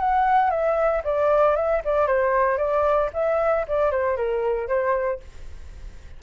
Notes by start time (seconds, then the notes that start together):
0.00 F#5
0.51 E5
1.05 D5
1.56 E5
1.85 D5
2.08 C5
2.58 D5
3.14 E5
3.68 D5
3.91 C5
4.17 A#4
4.68 C5